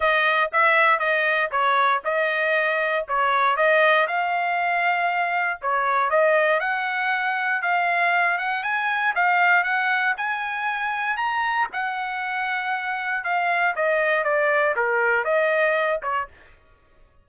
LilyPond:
\new Staff \with { instrumentName = "trumpet" } { \time 4/4 \tempo 4 = 118 dis''4 e''4 dis''4 cis''4 | dis''2 cis''4 dis''4 | f''2. cis''4 | dis''4 fis''2 f''4~ |
f''8 fis''8 gis''4 f''4 fis''4 | gis''2 ais''4 fis''4~ | fis''2 f''4 dis''4 | d''4 ais'4 dis''4. cis''8 | }